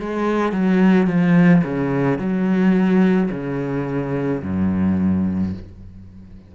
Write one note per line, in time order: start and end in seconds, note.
0.00 0.53 G#3
0.53 1.07 F#3
1.07 1.63 F3
1.64 2.19 C#3
2.19 3.30 F#3
3.31 4.42 C#3
4.42 5.54 F#2